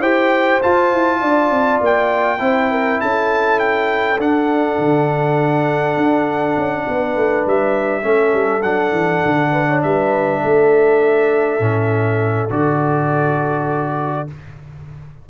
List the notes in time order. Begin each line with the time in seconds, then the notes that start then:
0.00 E4 G4 C5 G5
0.62 F4 A5
0.93 E4
1.21 D4 D5
1.50 C4
1.81 A#3 G5
2.38 C4 E4 C5
2.70 A#4
3.00 C#4 A4 A5
3.60 G5
4.19 D4 F#5
4.78 D3
5.96 D4
6.57 C#4
6.88 B3 B4
7.16 A3
7.46 G3 E5
8.02 A3 C#4 A4
8.34 G3
8.62 F#3 D4 F#5
8.92 E3
9.25 D3
9.52 B4
9.68 C#5
9.83 G3 B4 E5
10.42 A3 A4
11.59 A2 C#4
12.49 D3 F#4 D5